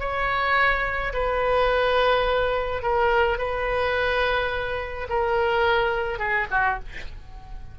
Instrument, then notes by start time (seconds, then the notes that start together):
oboe
0.00 C#5
1.14 B4
2.83 A#4
3.38 B4
5.10 A#4
6.19 G#4
6.51 F#4